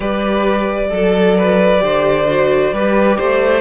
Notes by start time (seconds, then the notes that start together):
0.00 G3 G4 B4 D5
0.89 F#3 A4
1.37 B4
1.79 D3 G4 C5
2.28 F#4
2.72 G3 G4 B4
3.17 A3 C5